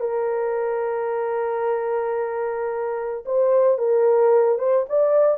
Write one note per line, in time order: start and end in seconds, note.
0.00 3.24 A#4
3.25 3.78 C5
3.78 4.58 A#4
4.58 4.86 C5
4.89 5.38 D5